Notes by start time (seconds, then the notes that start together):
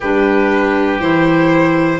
0.00 G3 D4 G4 B4
0.99 E3 E4 C5